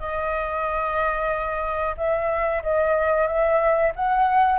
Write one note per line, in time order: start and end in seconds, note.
0.00 1.96 D#5
1.98 2.63 E5
2.63 3.28 D#5
3.28 3.93 E5
3.96 4.59 F#5